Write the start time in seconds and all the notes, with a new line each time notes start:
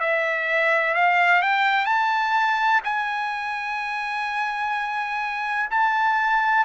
0.00 E5
0.94 F5
1.42 G5
1.85 A5
2.84 G#5
5.70 A5